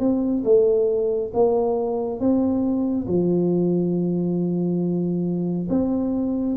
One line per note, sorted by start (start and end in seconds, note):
0.00 0.43 C4
0.45 1.32 A3
1.34 2.20 A#3
2.20 3.07 C4
3.08 5.68 F3
5.70 6.57 C4